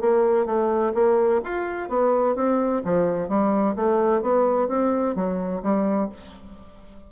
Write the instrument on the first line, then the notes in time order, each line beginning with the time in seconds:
bassoon
0.00 A#3
0.45 A3
0.94 A#3
1.44 F4
1.88 B3
2.35 C4
2.84 F3
3.28 G3
3.75 A3
4.21 B3
4.68 C4
5.15 F#3
5.62 G3